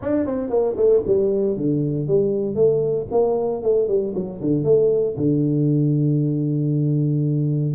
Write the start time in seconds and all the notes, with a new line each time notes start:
0.01 D4
0.26 C4
0.49 A#3
0.76 A3
1.06 G3
1.57 D3
2.07 G3
2.55 A3
3.11 A#3
3.62 A3
3.88 G3
4.14 F#3
4.40 D3
4.64 A3
5.16 D3